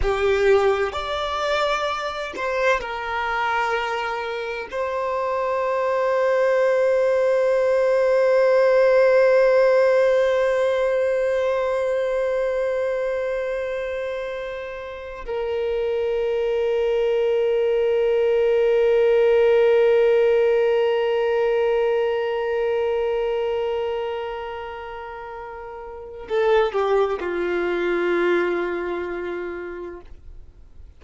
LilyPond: \new Staff \with { instrumentName = "violin" } { \time 4/4 \tempo 4 = 64 g'4 d''4. c''8 ais'4~ | ais'4 c''2.~ | c''1~ | c''1~ |
c''16 ais'2.~ ais'8.~ | ais'1~ | ais'1 | a'8 g'8 f'2. | }